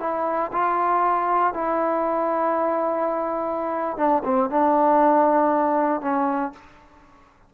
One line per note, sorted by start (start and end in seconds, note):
0.00 0.51 E4
0.53 1.54 F4
1.54 3.97 E4
3.97 4.23 D4
4.25 4.50 C4
4.50 6.01 D4
6.01 6.53 C#4